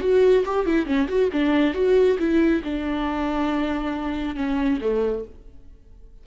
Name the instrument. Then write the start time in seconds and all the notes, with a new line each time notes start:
viola
0.00 F#4
0.45 G4
0.66 E4
0.86 C#4
1.08 F#4
1.32 D4
1.74 F#4
2.18 E4
2.64 D4
4.35 C#4
4.81 A3